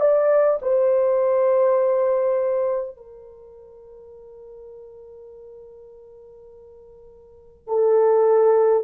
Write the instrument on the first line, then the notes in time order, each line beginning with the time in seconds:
horn
0.00 D5
0.61 C5
2.96 A#4
7.67 A4